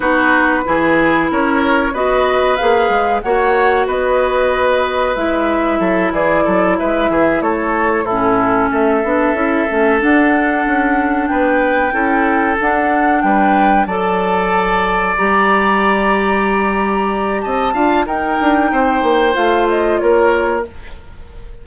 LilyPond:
<<
  \new Staff \with { instrumentName = "flute" } { \time 4/4 \tempo 4 = 93 b'2 cis''4 dis''4 | f''4 fis''4 dis''2 | e''4. d''4 e''4 cis''8~ | cis''8 a'4 e''2 fis''8~ |
fis''4. g''2 fis''8~ | fis''8 g''4 a''2 ais''8~ | ais''2. a''4 | g''2 f''8 dis''8 cis''4 | }
  \new Staff \with { instrumentName = "oboe" } { \time 4/4 fis'4 gis'4 ais'4 b'4~ | b'4 cis''4 b'2~ | b'4 a'8 gis'8 a'8 b'8 gis'8 a'8~ | a'8 e'4 a'2~ a'8~ |
a'4. b'4 a'4.~ | a'8 b'4 d''2~ d''8~ | d''2. dis''8 f''8 | ais'4 c''2 ais'4 | }
  \new Staff \with { instrumentName = "clarinet" } { \time 4/4 dis'4 e'2 fis'4 | gis'4 fis'2. | e'1~ | e'8 cis'4. d'8 e'8 cis'8 d'8~ |
d'2~ d'8 e'4 d'8~ | d'4. a'2 g'8~ | g'2.~ g'8 f'8 | dis'2 f'2 | }
  \new Staff \with { instrumentName = "bassoon" } { \time 4/4 b4 e4 cis'4 b4 | ais8 gis8 ais4 b2 | gis4 fis8 e8 fis8 gis8 e8 a8~ | a8 a,4 a8 b8 cis'8 a8 d'8~ |
d'8 cis'4 b4 cis'4 d'8~ | d'8 g4 fis2 g8~ | g2. c'8 d'8 | dis'8 d'8 c'8 ais8 a4 ais4 | }
>>